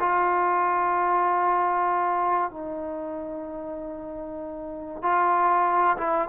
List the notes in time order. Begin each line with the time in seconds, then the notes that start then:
0.00 F4
2.51 D#4
5.02 F4
5.97 E4